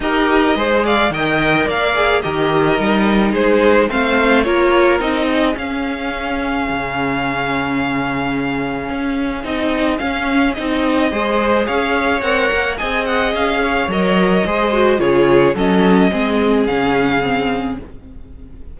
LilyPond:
<<
  \new Staff \with { instrumentName = "violin" } { \time 4/4 \tempo 4 = 108 dis''4. f''8 g''4 f''4 | dis''2 c''4 f''4 | cis''4 dis''4 f''2~ | f''1~ |
f''4 dis''4 f''4 dis''4~ | dis''4 f''4 fis''4 gis''8 fis''8 | f''4 dis''2 cis''4 | dis''2 f''2 | }
  \new Staff \with { instrumentName = "violin" } { \time 4/4 ais'4 c''8 d''8 dis''4 d''4 | ais'2 gis'4 c''4 | ais'4. gis'2~ gis'8~ | gis'1~ |
gis'1 | c''4 cis''2 dis''4~ | dis''8 cis''4. c''4 gis'4 | a'4 gis'2. | }
  \new Staff \with { instrumentName = "viola" } { \time 4/4 g'4 gis'4 ais'4. gis'8 | g'4 dis'2 c'4 | f'4 dis'4 cis'2~ | cis'1~ |
cis'4 dis'4 cis'4 dis'4 | gis'2 ais'4 gis'4~ | gis'4 ais'4 gis'8 fis'8 f'4 | cis'4 c'4 cis'4 c'4 | }
  \new Staff \with { instrumentName = "cello" } { \time 4/4 dis'4 gis4 dis4 ais4 | dis4 g4 gis4 a4 | ais4 c'4 cis'2 | cis1 |
cis'4 c'4 cis'4 c'4 | gis4 cis'4 c'8 ais8 c'4 | cis'4 fis4 gis4 cis4 | fis4 gis4 cis2 | }
>>